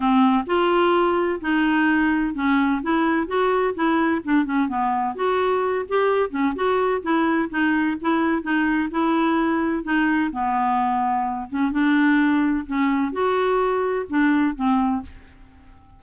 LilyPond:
\new Staff \with { instrumentName = "clarinet" } { \time 4/4 \tempo 4 = 128 c'4 f'2 dis'4~ | dis'4 cis'4 e'4 fis'4 | e'4 d'8 cis'8 b4 fis'4~ | fis'8 g'4 cis'8 fis'4 e'4 |
dis'4 e'4 dis'4 e'4~ | e'4 dis'4 b2~ | b8 cis'8 d'2 cis'4 | fis'2 d'4 c'4 | }